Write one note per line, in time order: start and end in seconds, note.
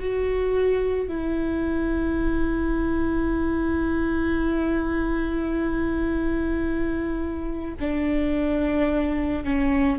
0.00 1.08 F#4
1.08 7.75 E4
7.80 9.44 D4
9.44 9.99 C#4